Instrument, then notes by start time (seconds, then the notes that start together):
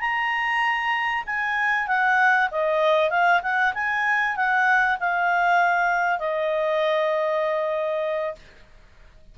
clarinet
0.00 A#5
1.26 G#5
1.88 F#5
2.51 D#5
3.10 F5
3.42 F#5
3.74 G#5
4.36 F#5
5.00 F5
6.19 D#5